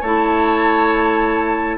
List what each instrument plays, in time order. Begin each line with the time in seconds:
0.00 bassoon A3, clarinet E4, oboe C#5, flute A5